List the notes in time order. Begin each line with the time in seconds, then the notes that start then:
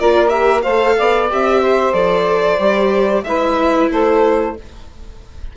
0.00 A#3 F4 A#4 D5
0.29 G4 E5
0.62 A3 A4 C5 F5
0.98 B3 D5
1.29 C4 G4 E5
1.61 C5
1.93 F3 A4 D5
2.59 G3 G4
3.24 G#3 E4 B4 E5
3.91 A3 A4 C5